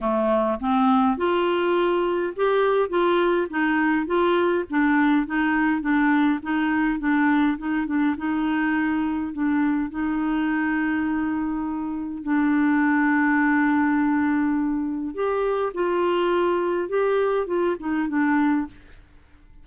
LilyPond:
\new Staff \with { instrumentName = "clarinet" } { \time 4/4 \tempo 4 = 103 a4 c'4 f'2 | g'4 f'4 dis'4 f'4 | d'4 dis'4 d'4 dis'4 | d'4 dis'8 d'8 dis'2 |
d'4 dis'2.~ | dis'4 d'2.~ | d'2 g'4 f'4~ | f'4 g'4 f'8 dis'8 d'4 | }